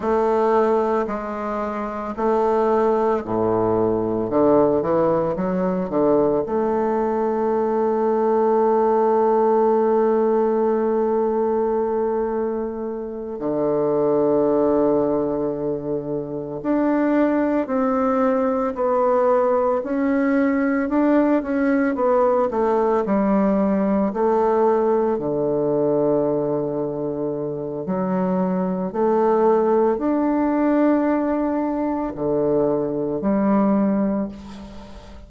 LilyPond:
\new Staff \with { instrumentName = "bassoon" } { \time 4/4 \tempo 4 = 56 a4 gis4 a4 a,4 | d8 e8 fis8 d8 a2~ | a1~ | a8 d2. d'8~ |
d'8 c'4 b4 cis'4 d'8 | cis'8 b8 a8 g4 a4 d8~ | d2 fis4 a4 | d'2 d4 g4 | }